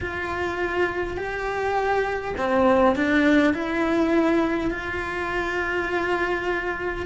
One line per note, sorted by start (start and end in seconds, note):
0.01 1.17 F4
1.17 2.35 G4
2.37 2.95 C4
2.95 3.53 D4
3.53 4.71 E4
4.71 7.06 F4